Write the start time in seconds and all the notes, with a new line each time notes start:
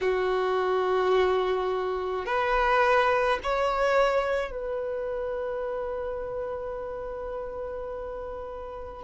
0.00 F#4
2.25 B4
3.43 C#5
4.51 B4